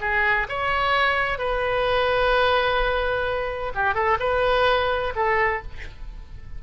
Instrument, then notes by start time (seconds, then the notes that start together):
oboe
0.00 G#4
0.48 C#5
1.38 B4
3.74 G4
3.94 A4
4.19 B4
5.15 A4